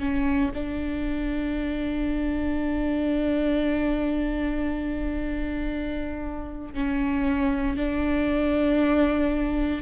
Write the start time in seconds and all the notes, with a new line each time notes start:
0.00 C#4
0.54 D4
6.74 C#4
7.77 D4